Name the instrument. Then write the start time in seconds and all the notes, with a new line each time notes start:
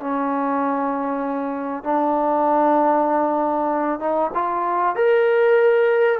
trombone
0.00 C#4
1.84 D4
4.00 D#4
4.34 F4
4.95 A#4